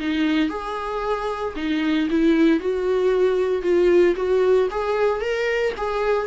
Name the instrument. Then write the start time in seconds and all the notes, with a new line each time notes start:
viola
0.00 D#4
0.49 G#4
1.56 D#4
2.11 E4
2.60 F#4
3.62 F4
4.16 F#4
4.71 G#4
5.21 A#4
5.77 G#4